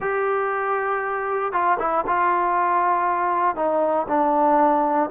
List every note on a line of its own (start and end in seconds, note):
0.00 1.52 G4
1.52 1.78 F4
1.79 2.04 E4
2.06 3.55 F4
3.55 4.06 D#4
4.08 5.09 D4